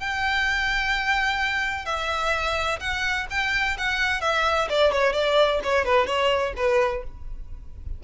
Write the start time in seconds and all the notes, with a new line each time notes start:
0.00 G5
1.86 E5
2.80 F#5
3.30 G5
3.78 F#5
4.21 E5
4.70 D5
4.93 C#5
5.13 D5
5.64 C#5
5.85 B4
6.07 C#5
6.57 B4